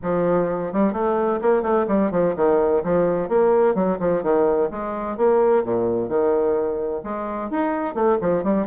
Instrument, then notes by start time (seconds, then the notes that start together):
bassoon
0.02 F3
0.72 G3
0.92 A3
1.41 A#3
1.62 A3
1.87 G3
2.11 F3
2.36 D#3
2.83 F3
3.28 A#3
3.74 F#3
3.99 F3
4.22 D#3
4.70 G#3
5.17 A#3
5.64 A#2
6.08 D#3
7.03 G#3
7.50 D#4
7.94 A3
8.21 F3
8.43 G3